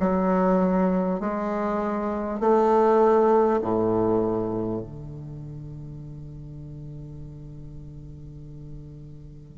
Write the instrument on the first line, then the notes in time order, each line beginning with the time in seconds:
bassoon
0.00 F#3
1.20 G#3
2.41 A3
3.62 A2
4.81 D3